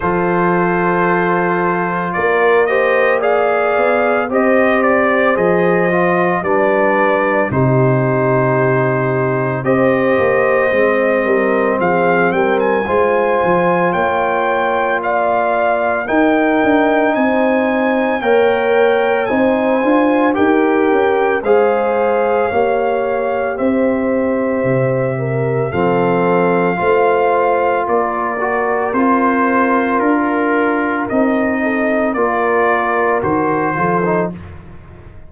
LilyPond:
<<
  \new Staff \with { instrumentName = "trumpet" } { \time 4/4 \tempo 4 = 56 c''2 d''8 dis''8 f''4 | dis''8 d''8 dis''4 d''4 c''4~ | c''4 dis''2 f''8 g''16 gis''16~ | gis''4 g''4 f''4 g''4 |
gis''4 g''4 gis''4 g''4 | f''2 e''2 | f''2 d''4 c''4 | ais'4 dis''4 d''4 c''4 | }
  \new Staff \with { instrumentName = "horn" } { \time 4/4 a'2 ais'8 c''8 d''4 | c''2 b'4 g'4~ | g'4 c''4. ais'8 gis'8 ais'8 | c''4 cis''4 d''4 ais'4 |
c''4 cis''4 c''4 ais'4 | c''4 cis''4 c''4. ais'8 | a'4 c''4 ais'2~ | ais'4. a'8 ais'4. a'8 | }
  \new Staff \with { instrumentName = "trombone" } { \time 4/4 f'2~ f'8 g'8 gis'4 | g'4 gis'8 f'8 d'4 dis'4~ | dis'4 g'4 c'2 | f'2. dis'4~ |
dis'4 ais'4 dis'8 f'8 g'4 | gis'4 g'2. | c'4 f'4. fis'8 f'4~ | f'4 dis'4 f'4 fis'8 f'16 dis'16 | }
  \new Staff \with { instrumentName = "tuba" } { \time 4/4 f2 ais4. b8 | c'4 f4 g4 c4~ | c4 c'8 ais8 gis8 g8 f8 g8 | gis8 f8 ais2 dis'8 d'8 |
c'4 ais4 c'8 d'8 dis'8 cis'8 | gis4 ais4 c'4 c4 | f4 a4 ais4 c'4 | d'4 c'4 ais4 dis8 f8 | }
>>